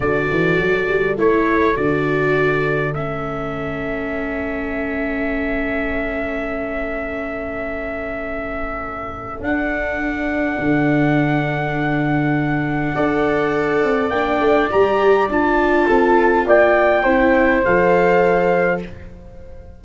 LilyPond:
<<
  \new Staff \with { instrumentName = "trumpet" } { \time 4/4 \tempo 4 = 102 d''2 cis''4 d''4~ | d''4 e''2.~ | e''1~ | e''1 |
fis''1~ | fis''1 | g''4 ais''4 a''2 | g''2 f''2 | }
  \new Staff \with { instrumentName = "horn" } { \time 4/4 a'1~ | a'1~ | a'1~ | a'1~ |
a'1~ | a'2 d''2~ | d''2. a'4 | d''4 c''2. | }
  \new Staff \with { instrumentName = "viola" } { \time 4/4 fis'2 e'4 fis'4~ | fis'4 cis'2.~ | cis'1~ | cis'1 |
d'1~ | d'2 a'2 | d'4 g'4 f'2~ | f'4 e'4 a'2 | }
  \new Staff \with { instrumentName = "tuba" } { \time 4/4 d8 e8 fis8 g8 a4 d4~ | d4 a2.~ | a1~ | a1 |
d'2 d2~ | d2 d'4. c'8 | ais8 a8 g4 d'4 c'4 | ais4 c'4 f2 | }
>>